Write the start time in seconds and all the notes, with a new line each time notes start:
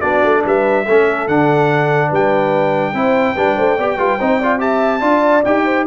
0.00 B3 D4 F#4 D5
0.24 A3
0.45 G3 B4 E5
0.85 A3 C#4 A4
1.28 D3 D4 F#5
2.09 G3 B4 G5
2.94 C4 E4 C5
3.35 G3 D4 B4
3.56 A3 C5
3.77 B3 G4 D5
3.98 G3 F4 B4
4.19 C4 D#4 C5
4.39 F4 D5
4.59 G4 E5 A5
5.01 D4 F4 D5
5.45 D#4 G4 G5
5.65 C5